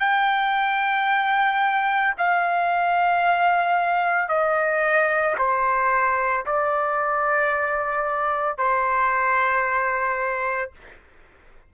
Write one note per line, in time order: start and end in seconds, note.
0.00 2.14 G5
2.18 4.29 F5
4.29 5.36 D#5
5.38 6.45 C5
6.45 8.58 D5
8.58 10.72 C5